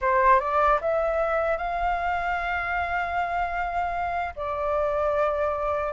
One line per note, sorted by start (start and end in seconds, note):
0.01 0.39 C5
0.39 0.79 D5
0.81 1.57 E5
1.57 4.33 F5
4.36 5.92 D5